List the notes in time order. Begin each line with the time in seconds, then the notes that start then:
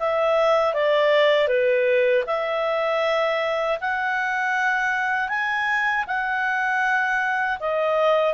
0.00 E5
0.74 D5
1.48 B4
2.27 E5
3.81 F#5
5.29 G#5
6.07 F#5
7.60 D#5